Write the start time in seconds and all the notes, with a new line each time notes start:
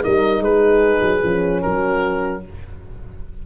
0.00 D#4 A#4 D#5
0.06 G3
0.40 G#3 G#4 B4
1.01 F#3
1.23 F3 C#4
1.62 F#3 F#4 A#4